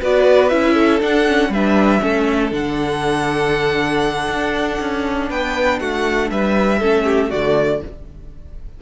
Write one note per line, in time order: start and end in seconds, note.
0.00 0.52 B3
0.00 0.51 F#4
0.00 0.74 B4
0.00 0.49 D5
0.49 1.02 C#4
0.49 1.00 E4
0.49 0.99 E5
0.74 1.50 A4
1.00 1.25 D4
1.00 1.49 D4
1.00 1.53 F#5
1.28 1.53 C#4
1.49 2.00 G3
1.49 2.01 D4
1.49 2.03 B4
1.49 2.53 E5
2.01 2.52 A3
2.01 2.51 C#4
2.01 5.29 A4
2.51 4.28 D3
2.51 6.80 D4
2.51 5.30 F#5
4.29 4.79 D4
4.80 5.31 C#4
5.29 5.81 B3
5.29 5.80 B4
5.29 5.80 G5
5.80 6.31 A3
5.80 6.31 F#4
5.80 6.30 F#5
6.31 6.81 G3
6.31 6.79 B4
6.31 7.31 E5
6.79 7.32 A3
6.79 7.32 C#4
6.79 7.04 A4
7.05 7.30 G4
7.30 7.82 D3
7.30 7.82 A3
7.30 7.80 F#4
7.30 7.81 D5